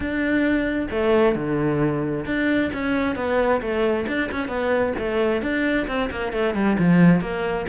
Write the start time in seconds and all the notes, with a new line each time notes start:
0.00 D4
0.90 A3
1.35 D3
2.25 D4
2.73 C#4
3.15 B3
3.61 A3
4.07 D4
4.31 C#4
4.48 B3
4.98 A3
5.41 D4
5.87 C4
6.10 A#3
6.32 A3
6.54 G3
6.78 F3
7.20 A#3